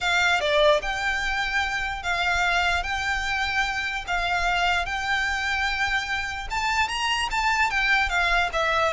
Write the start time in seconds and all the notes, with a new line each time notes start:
0.00 F5
0.40 D5
0.82 G5
2.02 F5
2.83 G5
4.07 F5
4.85 G5
6.50 A5
6.88 A#5
7.30 A5
7.70 G5
8.09 F5
8.52 E5